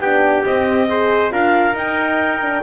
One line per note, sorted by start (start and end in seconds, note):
0.00 0.44 B3
0.00 0.45 D4
0.00 0.90 G4
0.00 0.44 G5
0.45 0.89 C4
0.45 1.32 C4
0.45 1.32 D#5
0.89 1.31 G#4
0.89 1.33 C5
1.31 1.74 D4
1.31 1.74 F4
1.31 2.64 A#4
1.31 1.76 F5
1.74 2.40 D#4
1.74 2.62 D#4
1.74 2.64 G5
2.42 2.64 D4